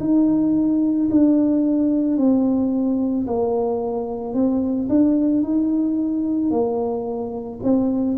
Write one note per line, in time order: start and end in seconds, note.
0.00 1.09 D#4
1.11 2.17 D4
2.17 3.26 C4
3.27 4.34 A#3
4.34 4.88 C4
4.89 5.43 D4
5.43 6.51 D#4
6.51 7.60 A#3
7.63 8.18 C4